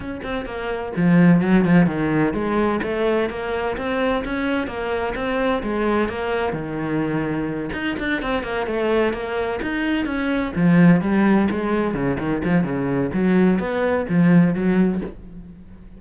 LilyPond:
\new Staff \with { instrumentName = "cello" } { \time 4/4 \tempo 4 = 128 cis'8 c'8 ais4 f4 fis8 f8 | dis4 gis4 a4 ais4 | c'4 cis'4 ais4 c'4 | gis4 ais4 dis2~ |
dis8 dis'8 d'8 c'8 ais8 a4 ais8~ | ais8 dis'4 cis'4 f4 g8~ | g8 gis4 cis8 dis8 f8 cis4 | fis4 b4 f4 fis4 | }